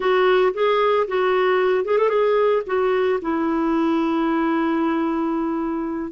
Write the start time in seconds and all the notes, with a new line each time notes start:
0.00 F#4
0.53 G#4
1.07 F#4
1.84 G#4
1.98 A4
2.09 G#4
2.66 F#4
3.21 E4